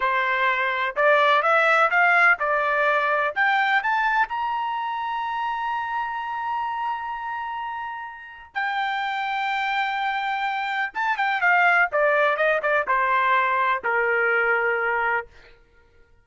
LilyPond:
\new Staff \with { instrumentName = "trumpet" } { \time 4/4 \tempo 4 = 126 c''2 d''4 e''4 | f''4 d''2 g''4 | a''4 ais''2.~ | ais''1~ |
ais''2 g''2~ | g''2. a''8 g''8 | f''4 d''4 dis''8 d''8 c''4~ | c''4 ais'2. | }